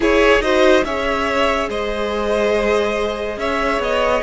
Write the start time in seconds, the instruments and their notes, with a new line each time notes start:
0.00 viola E4, cello E4, violin G#4 C#5
0.39 cello D#4, viola F#4, violin C5 D#5
0.84 cello C#4, viola G#4, violin C#5 E5
1.68 cello G#3, violin C5 D#5
3.36 cello C#4, violin C#5 E5
3.79 cello B3, violin D#5